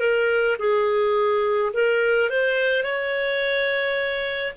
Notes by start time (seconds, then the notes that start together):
0.00 A#4
0.59 G#4
1.73 A#4
2.30 C5
2.84 C#5